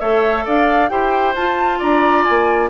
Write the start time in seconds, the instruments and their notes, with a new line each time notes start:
0.00 bassoon A3, clarinet A4, oboe C#5, flute E5
0.45 bassoon D4, oboe D5, flute F5
0.89 bassoon E4, clarinet G4, oboe C5, flute G5
1.35 bassoon F4, clarinet F4, flute A5
1.79 bassoon D4, oboe D5, flute A#5
2.24 bassoon A#3, flute G#5